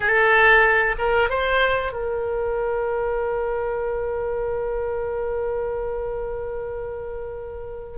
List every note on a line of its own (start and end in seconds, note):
0.00 0.95 A4
0.98 1.29 A#4
1.29 1.92 C5
1.92 7.97 A#4